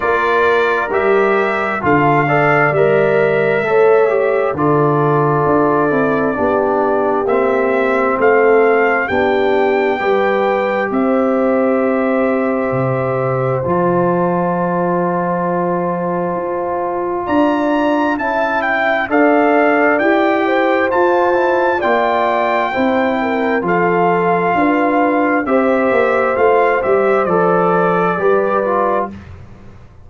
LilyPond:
<<
  \new Staff \with { instrumentName = "trumpet" } { \time 4/4 \tempo 4 = 66 d''4 e''4 f''4 e''4~ | e''4 d''2. | e''4 f''4 g''2 | e''2. a''4~ |
a''2. ais''4 | a''8 g''8 f''4 g''4 a''4 | g''2 f''2 | e''4 f''8 e''8 d''2 | }
  \new Staff \with { instrumentName = "horn" } { \time 4/4 ais'2 a'8 d''4. | cis''4 a'2 g'4~ | g'4 a'4 g'4 b'4 | c''1~ |
c''2. d''4 | e''4 d''4. c''4. | d''4 c''8 ais'8 a'4 b'4 | c''2. b'4 | }
  \new Staff \with { instrumentName = "trombone" } { \time 4/4 f'4 g'4 f'8 a'8 ais'4 | a'8 g'8 f'4. e'8 d'4 | c'2 d'4 g'4~ | g'2. f'4~ |
f'1 | e'4 a'4 g'4 f'8 e'8 | f'4 e'4 f'2 | g'4 f'8 g'8 a'4 g'8 f'8 | }
  \new Staff \with { instrumentName = "tuba" } { \time 4/4 ais4 g4 d4 g4 | a4 d4 d'8 c'8 b4 | ais4 a4 b4 g4 | c'2 c4 f4~ |
f2 f'4 d'4 | cis'4 d'4 e'4 f'4 | ais4 c'4 f4 d'4 | c'8 ais8 a8 g8 f4 g4 | }
>>